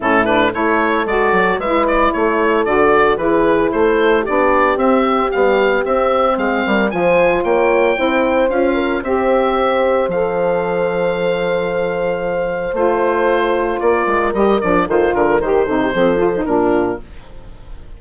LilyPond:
<<
  \new Staff \with { instrumentName = "oboe" } { \time 4/4 \tempo 4 = 113 a'8 b'8 cis''4 d''4 e''8 d''8 | cis''4 d''4 b'4 c''4 | d''4 e''4 f''4 e''4 | f''4 gis''4 g''2 |
f''4 e''2 f''4~ | f''1 | c''2 d''4 dis''8 d''8 | c''8 ais'8 c''2 ais'4 | }
  \new Staff \with { instrumentName = "horn" } { \time 4/4 e'4 a'2 b'4 | a'2 gis'4 a'4 | g'1 | gis'8 ais'8 c''4 cis''4 c''4~ |
c''8 ais'8 c''2.~ | c''1~ | c''2 ais'2 | a'8 ais'4 a'16 g'16 a'4 f'4 | }
  \new Staff \with { instrumentName = "saxophone" } { \time 4/4 cis'8 d'8 e'4 fis'4 e'4~ | e'4 fis'4 e'2 | d'4 c'4 g4 c'4~ | c'4 f'2 e'4 |
f'4 g'2 a'4~ | a'1 | f'2. g'8 d'8 | f'4 g'8 dis'8 c'8 f'16 dis'16 d'4 | }
  \new Staff \with { instrumentName = "bassoon" } { \time 4/4 a,4 a4 gis8 fis8 gis4 | a4 d4 e4 a4 | b4 c'4 b4 c'4 | gis8 g8 f4 ais4 c'4 |
cis'4 c'2 f4~ | f1 | a2 ais8 gis8 g8 f8 | dis8 d8 dis8 c8 f4 ais,4 | }
>>